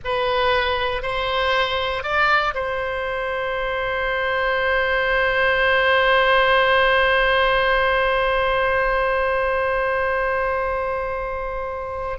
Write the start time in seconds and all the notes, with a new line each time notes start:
0.04 B4
1.02 C5
2.03 D5
2.54 C5